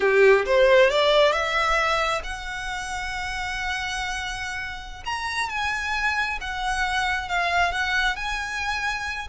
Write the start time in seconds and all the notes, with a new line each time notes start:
0.00 G4
0.45 C5
0.90 D5
1.32 E5
2.23 F#5
5.05 A#5
5.49 G#5
6.40 F#5
7.28 F5
7.72 F#5
8.16 G#5